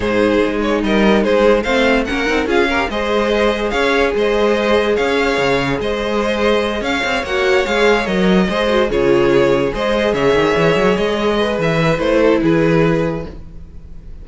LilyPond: <<
  \new Staff \with { instrumentName = "violin" } { \time 4/4 \tempo 4 = 145 c''4. cis''8 dis''4 c''4 | f''4 fis''4 f''4 dis''4~ | dis''4 f''4 dis''2 | f''2 dis''2~ |
dis''8 f''4 fis''4 f''4 dis''8~ | dis''4. cis''2 dis''8~ | dis''8 e''2 dis''4. | e''4 c''4 b'2 | }
  \new Staff \with { instrumentName = "violin" } { \time 4/4 gis'2 ais'4 gis'4 | c''4 ais'4 gis'8 ais'8 c''4~ | c''4 cis''4 c''2 | cis''2 c''2~ |
c''8 cis''2.~ cis''8~ | cis''8 c''4 gis'2 c''8~ | c''8 cis''2. b'8~ | b'4. a'8 gis'2 | }
  \new Staff \with { instrumentName = "viola" } { \time 4/4 dis'1 | c'4 cis'8 dis'8 f'8 g'8 gis'4~ | gis'1~ | gis'1~ |
gis'4. fis'4 gis'4 ais'8~ | ais'8 gis'8 fis'8 f'2 gis'8~ | gis'1~ | gis'4 e'2. | }
  \new Staff \with { instrumentName = "cello" } { \time 4/4 gis,4 gis4 g4 gis4 | a4 ais8 c'8 cis'4 gis4~ | gis4 cis'4 gis2 | cis'4 cis4 gis2~ |
gis8 cis'8 c'8 ais4 gis4 fis8~ | fis8 gis4 cis2 gis8~ | gis8 cis8 dis8 e8 fis8 gis4. | e4 a4 e2 | }
>>